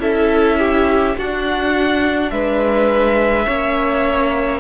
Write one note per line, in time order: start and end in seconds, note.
0.00 1.16 C#4
0.00 1.15 E4
0.00 0.59 A4
0.00 1.17 E5
0.59 1.17 G4
1.18 2.32 D4
1.18 3.46 D4
1.18 2.33 F#4
1.18 2.31 F#5
2.31 3.47 G#3
2.31 3.47 B4
2.31 4.61 E5
3.46 4.61 A#3
3.46 4.61 C#4
3.46 4.61 C#5